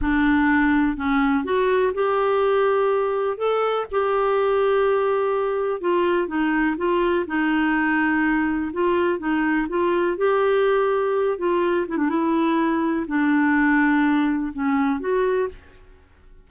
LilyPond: \new Staff \with { instrumentName = "clarinet" } { \time 4/4 \tempo 4 = 124 d'2 cis'4 fis'4 | g'2. a'4 | g'1 | f'4 dis'4 f'4 dis'4~ |
dis'2 f'4 dis'4 | f'4 g'2~ g'8 f'8~ | f'8 e'16 d'16 e'2 d'4~ | d'2 cis'4 fis'4 | }